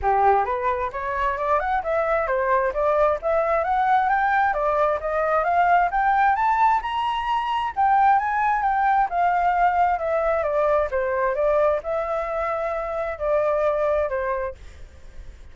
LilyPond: \new Staff \with { instrumentName = "flute" } { \time 4/4 \tempo 4 = 132 g'4 b'4 cis''4 d''8 fis''8 | e''4 c''4 d''4 e''4 | fis''4 g''4 d''4 dis''4 | f''4 g''4 a''4 ais''4~ |
ais''4 g''4 gis''4 g''4 | f''2 e''4 d''4 | c''4 d''4 e''2~ | e''4 d''2 c''4 | }